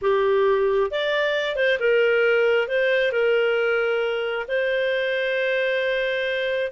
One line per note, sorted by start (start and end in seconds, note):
0.01 0.91 G4
0.91 1.56 D5
1.56 1.78 C5
1.79 2.67 A#4
2.67 3.12 C5
3.12 4.46 A#4
4.48 6.71 C5